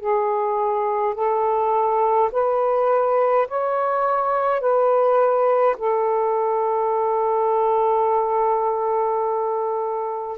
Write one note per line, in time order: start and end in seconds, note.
0.00 1.14 G#4
1.14 2.30 A4
2.32 3.47 B4
3.48 4.60 C#5
4.60 5.75 B4
5.77 10.37 A4